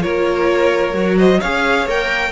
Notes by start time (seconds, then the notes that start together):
0.00 A#3 F4 A#4 C#5
0.93 F#3 F#4
1.17 C5 D#5
1.40 C#4 G#4 C#5 F5
1.86 A#3 A#4 G5